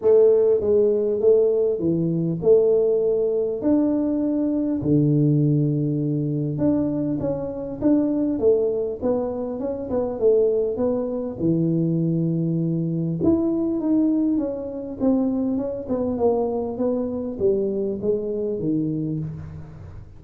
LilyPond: \new Staff \with { instrumentName = "tuba" } { \time 4/4 \tempo 4 = 100 a4 gis4 a4 e4 | a2 d'2 | d2. d'4 | cis'4 d'4 a4 b4 |
cis'8 b8 a4 b4 e4~ | e2 e'4 dis'4 | cis'4 c'4 cis'8 b8 ais4 | b4 g4 gis4 dis4 | }